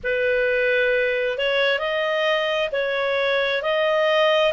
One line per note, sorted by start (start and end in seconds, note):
0.03 1.38 B4
1.38 1.79 C#5
1.79 2.69 D#5
2.72 3.62 C#5
3.62 4.52 D#5